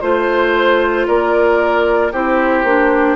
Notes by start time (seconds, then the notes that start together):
0.00 A3 F4 C5
1.06 A#3 A#4 D5
2.12 C4 E4 G4 C5
2.63 A#3 D4